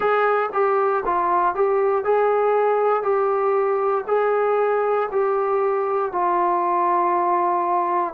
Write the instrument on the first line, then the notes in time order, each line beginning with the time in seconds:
trombone
0.00 G#4
0.53 G4
1.05 F4
1.54 G4
2.04 G#4
3.02 G4
4.07 G#4
5.11 G4
6.12 F4